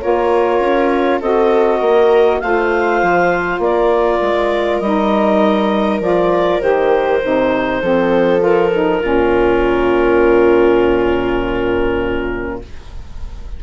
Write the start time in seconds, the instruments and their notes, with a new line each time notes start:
0.00 bassoon A#3, saxophone F4, viola A#4, clarinet C#5
0.60 bassoon C#4
1.20 bassoon C4, saxophone F#4, viola A4, clarinet D#5
1.79 bassoon A#3, viola A#4
2.40 bassoon A3, saxophone F4, viola C5, clarinet F5
3.02 bassoon F3
3.59 bassoon A#3, viola A#4, clarinet D5
4.22 bassoon G#3
4.80 bassoon G3, saxophone D#4, clarinet D#5
6.00 bassoon F3, saxophone F4, clarinet D5
6.60 bassoon D#3, saxophone G4, clarinet C5
7.23 bassoon C3, saxophone D#4
7.82 bassoon F3, saxophone C4, viola A4
8.40 saxophone F4, clarinet A#4
8.74 saxophone D#4
9.01 bassoon A#2, saxophone C#4, viola F4